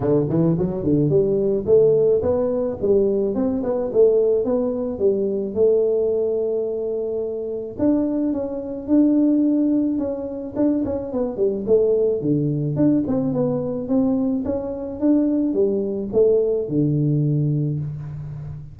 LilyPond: \new Staff \with { instrumentName = "tuba" } { \time 4/4 \tempo 4 = 108 d8 e8 fis8 d8 g4 a4 | b4 g4 c'8 b8 a4 | b4 g4 a2~ | a2 d'4 cis'4 |
d'2 cis'4 d'8 cis'8 | b8 g8 a4 d4 d'8 c'8 | b4 c'4 cis'4 d'4 | g4 a4 d2 | }